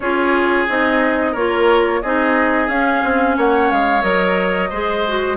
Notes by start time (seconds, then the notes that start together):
0.00 C#4 F4 G#4 C#5
0.68 C4 D#4 D#5
1.32 A#3 F4 A#4 C#5
2.02 C4 D#4 G#4 D#5
2.68 C#4 F5
3.03 C4
3.36 A#3 C#5 F#5
3.71 G#3 F5
4.01 F#3 A#4 D#5
4.69 G#3 G#4 C5
5.07 F#4